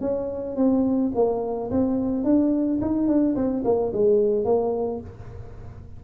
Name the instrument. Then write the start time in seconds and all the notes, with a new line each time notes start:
tuba
0.00 C#4
0.56 C4
1.14 A#3
1.70 C4
2.24 D4
2.81 D#4
3.07 D4
3.35 C4
3.64 A#3
3.92 G#3
4.44 A#3